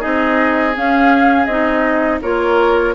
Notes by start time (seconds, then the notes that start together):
0.00 C4 D#4 G#4 D#5
0.74 C#4 F5
1.45 C4 D#4 D#5
2.22 A#3 F4 A#4 C#5